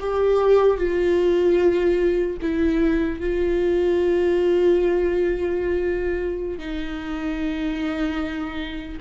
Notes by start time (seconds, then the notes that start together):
0.00 G4
0.77 F4
2.42 E4
3.20 F4
6.59 D#4